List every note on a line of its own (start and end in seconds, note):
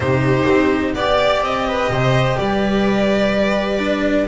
0.00 0.46 C3
0.00 0.96 D#4
0.00 0.96 G4
0.00 0.93 C5
0.49 0.94 C4
0.94 1.41 B3
0.94 3.79 G4
0.94 1.42 D5
0.94 1.67 D5
1.41 1.88 C4
1.41 2.38 D#5
1.67 1.91 B4
1.89 2.37 C3
1.89 2.39 C5
2.38 4.27 G3
2.38 4.27 B4
2.38 4.27 D5
3.79 4.26 D4